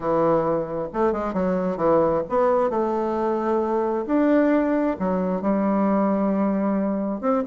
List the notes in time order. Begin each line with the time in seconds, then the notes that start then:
0.00 E3
0.93 A3
1.12 G#3
1.33 F#3
1.76 E3
2.29 B3
2.70 A3
4.06 D4
4.99 F#3
5.41 G3
7.20 C4